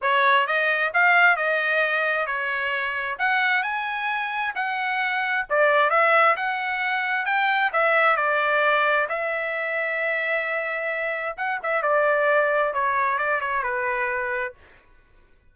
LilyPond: \new Staff \with { instrumentName = "trumpet" } { \time 4/4 \tempo 4 = 132 cis''4 dis''4 f''4 dis''4~ | dis''4 cis''2 fis''4 | gis''2 fis''2 | d''4 e''4 fis''2 |
g''4 e''4 d''2 | e''1~ | e''4 fis''8 e''8 d''2 | cis''4 d''8 cis''8 b'2 | }